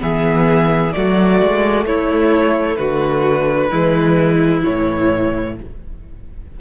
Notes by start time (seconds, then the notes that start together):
0.00 E3 B3 G#4 E5
0.93 F#3 A3 F#4 D5
1.42 G#3
1.86 A3 E4 C#5
2.76 D3 F#4 B4
3.70 E3 G#3 E4
4.63 A2 E3 C#5